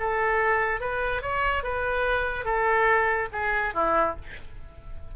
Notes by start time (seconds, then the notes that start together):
0.00 A4
0.81 B4
1.22 C#5
1.64 B4
2.45 A4
3.33 G#4
3.74 E4